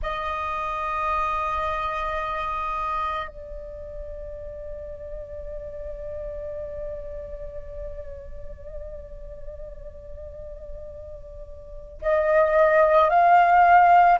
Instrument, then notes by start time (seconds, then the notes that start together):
flute
0.02 D#5
3.27 D5
12.01 D#5
13.09 F5